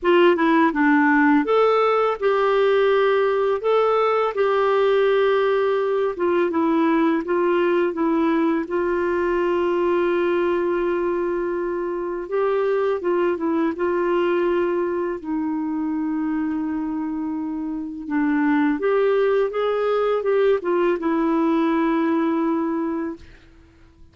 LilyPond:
\new Staff \with { instrumentName = "clarinet" } { \time 4/4 \tempo 4 = 83 f'8 e'8 d'4 a'4 g'4~ | g'4 a'4 g'2~ | g'8 f'8 e'4 f'4 e'4 | f'1~ |
f'4 g'4 f'8 e'8 f'4~ | f'4 dis'2.~ | dis'4 d'4 g'4 gis'4 | g'8 f'8 e'2. | }